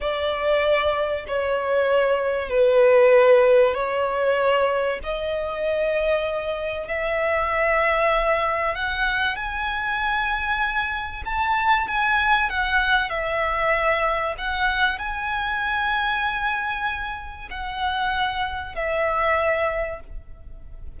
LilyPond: \new Staff \with { instrumentName = "violin" } { \time 4/4 \tempo 4 = 96 d''2 cis''2 | b'2 cis''2 | dis''2. e''4~ | e''2 fis''4 gis''4~ |
gis''2 a''4 gis''4 | fis''4 e''2 fis''4 | gis''1 | fis''2 e''2 | }